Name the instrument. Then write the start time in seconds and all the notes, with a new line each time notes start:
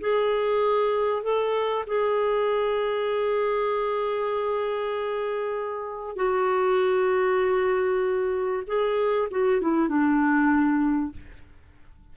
clarinet
0.00 G#4
1.23 A4
1.86 G#4
6.15 F#4
8.66 G#4
9.30 F#4
9.61 E4
9.88 D4